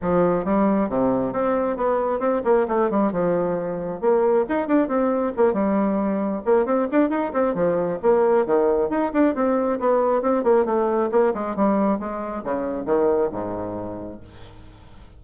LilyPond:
\new Staff \with { instrumentName = "bassoon" } { \time 4/4 \tempo 4 = 135 f4 g4 c4 c'4 | b4 c'8 ais8 a8 g8 f4~ | f4 ais4 dis'8 d'8 c'4 | ais8 g2 ais8 c'8 d'8 |
dis'8 c'8 f4 ais4 dis4 | dis'8 d'8 c'4 b4 c'8 ais8 | a4 ais8 gis8 g4 gis4 | cis4 dis4 gis,2 | }